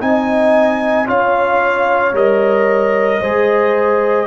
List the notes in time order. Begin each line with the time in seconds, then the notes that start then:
0.00 C4 D#4 D#5 G#5
1.06 C#4 F4 C#5 F5
2.13 G3 A#4 D#5
3.21 G#3 G#4 C5